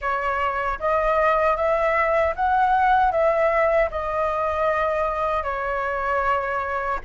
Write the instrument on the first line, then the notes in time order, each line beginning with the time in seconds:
flute
0.01 C#5
0.79 D#5
1.56 E5
2.35 F#5
3.11 E5
3.90 D#5
5.43 C#5